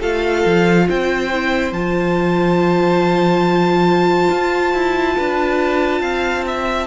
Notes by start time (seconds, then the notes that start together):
0.00 A3 F4 A4 F5
0.46 F3
0.89 C4 C5 G5
1.32 E4
1.72 F3 F4 A5
4.31 F4
4.73 E4
5.16 D4 B4
6.01 C4 F5
6.47 E5